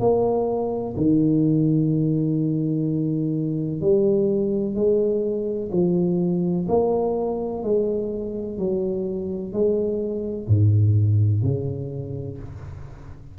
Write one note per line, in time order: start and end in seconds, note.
0.00 0.95 A#3
0.97 3.81 D#3
3.81 4.75 G3
4.75 5.70 G#3
5.72 6.67 F3
6.68 7.63 A#3
7.63 8.58 G#3
8.58 9.53 F#3
9.53 10.48 G#3
10.48 11.43 G#2
11.43 12.38 C#3